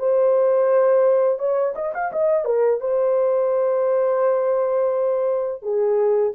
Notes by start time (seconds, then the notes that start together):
0.00 C5
1.39 C#5
1.76 D#5
1.95 F5
2.13 D#5
2.45 A#4
2.81 C5
5.63 G#4